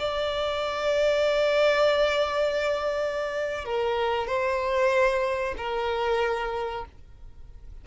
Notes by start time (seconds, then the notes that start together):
0.00 D5
3.65 A#4
4.27 C5
5.58 A#4